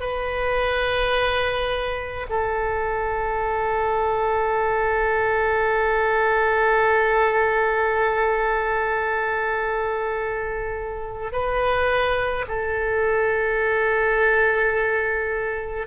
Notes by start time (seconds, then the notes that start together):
0.00 B4
2.29 A4
11.32 B4
12.47 A4